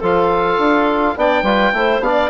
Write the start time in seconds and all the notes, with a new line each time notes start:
0.00 F3 F4 A4 F5
0.57 D4
1.16 B3 D4 D5 G5
1.42 G3 F4 B4
1.72 A3 E4 C5
2.00 B3 D4 D5 F5